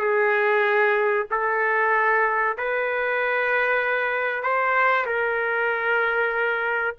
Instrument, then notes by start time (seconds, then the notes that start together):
trumpet
0.00 G#4
1.31 A4
2.58 B4
4.43 C5
5.06 A#4